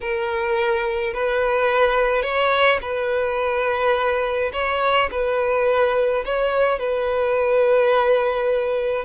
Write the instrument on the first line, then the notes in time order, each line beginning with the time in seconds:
violin
0.01 A#4
1.13 B4
2.22 C#5
2.81 B4
4.53 C#5
5.11 B4
6.25 C#5
6.79 B4